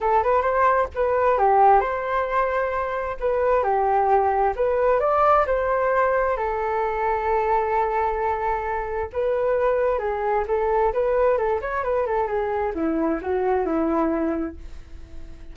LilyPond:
\new Staff \with { instrumentName = "flute" } { \time 4/4 \tempo 4 = 132 a'8 b'8 c''4 b'4 g'4 | c''2. b'4 | g'2 b'4 d''4 | c''2 a'2~ |
a'1 | b'2 gis'4 a'4 | b'4 a'8 cis''8 b'8 a'8 gis'4 | e'4 fis'4 e'2 | }